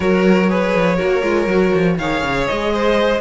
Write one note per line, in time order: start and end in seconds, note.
0.00 0.74 F#3
0.00 0.49 F#4
0.00 0.49 A#4
0.00 1.98 C#5
0.49 0.97 G#4
0.49 0.96 B4
0.74 0.99 F3
0.96 1.22 A#3
0.96 1.21 F#4
0.96 1.95 A#4
1.22 1.47 G#3
1.22 1.47 F4
1.47 1.71 F#3
1.47 1.99 F#4
1.75 1.98 F3
1.98 2.22 D#3
1.98 3.20 G#4
1.98 2.73 C#5
1.98 2.46 F5
2.22 2.47 C#3
2.46 3.20 G#3
2.46 3.20 D#5
2.73 3.20 C5